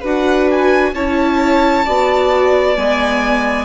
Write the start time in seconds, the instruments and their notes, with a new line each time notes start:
0.00 bassoon D4, viola F#4, violin B4 F#5
0.50 violin G#5
0.93 bassoon C#4, viola E4, violin C#5 A5
1.85 bassoon B3, viola F#4, violin D5
2.75 bassoon G#3, viola B3, violin G#5